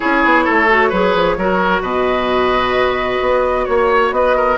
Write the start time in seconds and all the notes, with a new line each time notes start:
0.00 C#4 E4 G#4 C#5
0.24 B3
0.44 A3 A4
0.69 F#4
0.89 F#3 G#4 B4
1.15 F3
1.37 F#3 F#4 A#4
1.81 B2 B4 D#5
3.20 B3
3.65 A#3 C#5
4.11 B3 B4 D#5
4.36 A#4